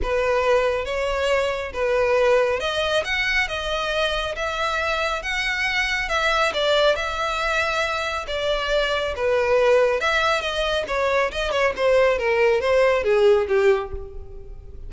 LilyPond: \new Staff \with { instrumentName = "violin" } { \time 4/4 \tempo 4 = 138 b'2 cis''2 | b'2 dis''4 fis''4 | dis''2 e''2 | fis''2 e''4 d''4 |
e''2. d''4~ | d''4 b'2 e''4 | dis''4 cis''4 dis''8 cis''8 c''4 | ais'4 c''4 gis'4 g'4 | }